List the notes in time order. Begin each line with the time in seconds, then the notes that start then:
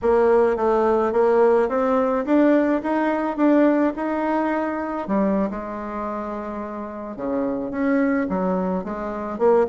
0.02 A#3
0.56 A3
1.12 A#3
1.68 C4
2.25 D4
2.83 D#4
3.36 D4
3.96 D#4
5.07 G3
5.50 G#3
7.16 C#3
7.70 C#4
8.29 F#3
8.83 G#3
9.38 A#3